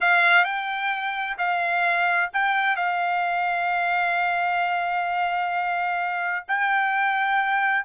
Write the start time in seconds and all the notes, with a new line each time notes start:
0.00 F5
0.44 G5
1.37 F5
2.33 G5
2.76 F5
6.47 G5